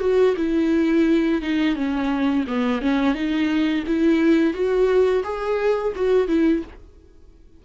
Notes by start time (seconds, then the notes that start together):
0.00 F#4
0.36 E4
1.41 D#4
1.75 C#4
2.47 B3
2.81 C#4
3.14 D#4
3.87 E4
4.53 F#4
5.23 G#4
5.95 F#4
6.28 E4